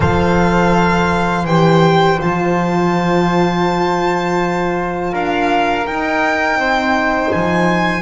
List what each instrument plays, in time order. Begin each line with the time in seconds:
0.00 double bass F3, horn A4, flute C5, violin F5
1.45 double bass E3, horn G4, violin G5
2.18 double bass F3, horn F4, violin A5
5.11 double bass D4, flute A#4, violin F5
5.85 horn D#4, double bass D#4, violin G5
6.55 double bass C4, flute C5
7.32 double bass F3, violin G#5